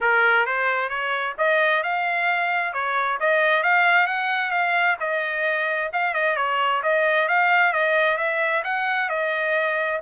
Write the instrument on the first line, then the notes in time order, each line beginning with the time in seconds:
trumpet
0.00 A#4
0.46 C5
0.89 C#5
1.38 D#5
1.83 F5
2.73 C#5
3.20 D#5
3.63 F5
4.07 F#5
4.50 F5
5.00 D#5
5.93 F5
6.14 D#5
6.36 C#5
6.82 D#5
7.28 F5
7.73 D#5
8.17 E5
8.64 F#5
9.09 D#5